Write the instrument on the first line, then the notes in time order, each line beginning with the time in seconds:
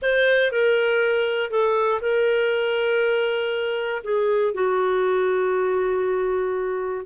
clarinet
0.02 C5
0.51 A#4
1.50 A4
2.01 A#4
4.03 G#4
4.54 F#4